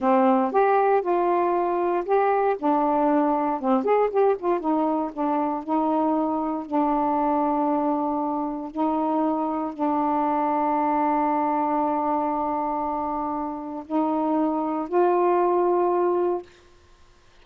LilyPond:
\new Staff \with { instrumentName = "saxophone" } { \time 4/4 \tempo 4 = 117 c'4 g'4 f'2 | g'4 d'2 c'8 gis'8 | g'8 f'8 dis'4 d'4 dis'4~ | dis'4 d'2.~ |
d'4 dis'2 d'4~ | d'1~ | d'2. dis'4~ | dis'4 f'2. | }